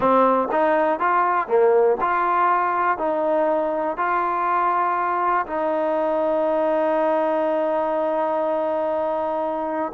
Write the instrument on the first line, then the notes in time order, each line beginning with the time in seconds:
trombone
0.00 C4
0.51 D#4
0.99 F4
1.47 A#3
2.01 F4
2.98 D#4
3.97 F4
5.46 D#4